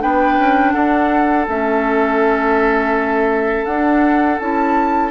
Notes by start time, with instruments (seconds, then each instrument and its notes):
0.00 bassoon B3, clarinet D4, oboe B4, flute G5
0.38 bassoon C#4
0.72 bassoon D4, oboe A4, flute F#5
1.48 bassoon A3, clarinet C#4, flute E5
3.66 bassoon D4, clarinet D4, flute F#5
4.39 bassoon C#4, clarinet E4, flute A5